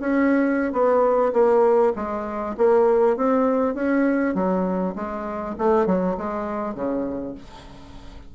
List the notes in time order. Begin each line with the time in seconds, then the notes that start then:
0.00 C#4
0.72 B3
1.33 A#3
1.95 G#3
2.57 A#3
3.16 C4
3.74 C#4
4.34 F#3
4.95 G#3
5.58 A3
5.86 F#3
6.17 G#3
6.74 C#3